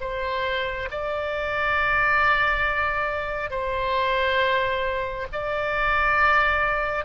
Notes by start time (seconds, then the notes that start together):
0.00 C5
0.91 D5
3.50 C5
5.32 D5